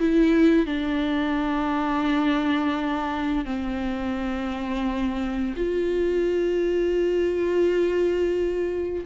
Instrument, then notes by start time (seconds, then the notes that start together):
viola
0.00 E4
0.66 D4
3.45 C4
5.57 F4